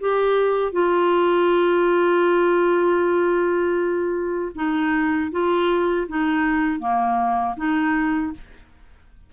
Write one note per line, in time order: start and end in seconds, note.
0.00 0.72 G4
0.72 4.52 F4
4.55 5.31 D#4
5.31 6.07 F4
6.08 6.79 D#4
6.79 7.55 A#3
7.56 8.32 D#4